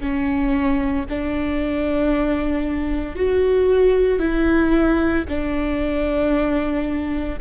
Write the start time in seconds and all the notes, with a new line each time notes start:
0.00 C#4
1.09 D4
3.16 F#4
4.19 E4
5.28 D4